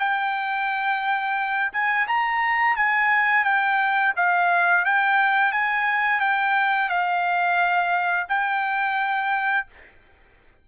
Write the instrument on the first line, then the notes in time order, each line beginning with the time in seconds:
trumpet
0.00 G5
1.73 G#5
2.08 A#5
2.77 G#5
3.45 G5
4.17 F5
4.85 G5
5.52 G#5
6.21 G5
6.89 F5
8.29 G5